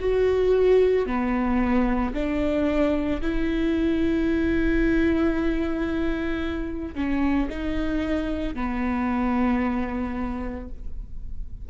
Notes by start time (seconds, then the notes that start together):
0.00 F#4
1.07 B3
2.14 D4
3.22 E4
6.95 C#4
7.50 D#4
8.55 B3